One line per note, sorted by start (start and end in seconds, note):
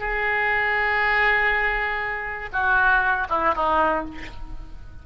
0.00 2.50 G#4
2.53 3.28 F#4
3.30 3.55 E4
3.55 4.05 D#4